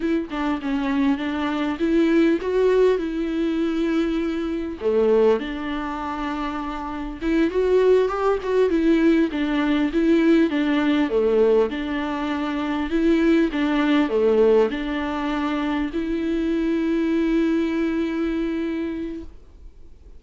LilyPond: \new Staff \with { instrumentName = "viola" } { \time 4/4 \tempo 4 = 100 e'8 d'8 cis'4 d'4 e'4 | fis'4 e'2. | a4 d'2. | e'8 fis'4 g'8 fis'8 e'4 d'8~ |
d'8 e'4 d'4 a4 d'8~ | d'4. e'4 d'4 a8~ | a8 d'2 e'4.~ | e'1 | }